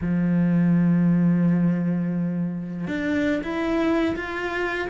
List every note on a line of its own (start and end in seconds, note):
0.01 2.87 F3
2.87 3.41 D4
3.43 4.15 E4
4.16 4.88 F4